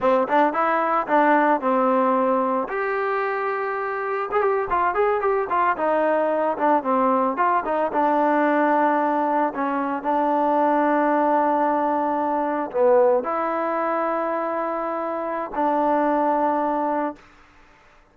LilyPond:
\new Staff \with { instrumentName = "trombone" } { \time 4/4 \tempo 4 = 112 c'8 d'8 e'4 d'4 c'4~ | c'4 g'2. | gis'16 g'8 f'8 gis'8 g'8 f'8 dis'4~ dis'16~ | dis'16 d'8 c'4 f'8 dis'8 d'4~ d'16~ |
d'4.~ d'16 cis'4 d'4~ d'16~ | d'2.~ d'8. b16~ | b8. e'2.~ e'16~ | e'4 d'2. | }